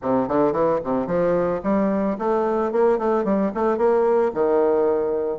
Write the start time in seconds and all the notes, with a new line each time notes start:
0.01 C3
0.28 D3
0.52 E3
0.84 C3
1.06 F3
1.63 G3
2.18 A3
2.72 A#3
2.98 A3
3.24 G3
3.54 A3
3.77 A#3
4.34 D#3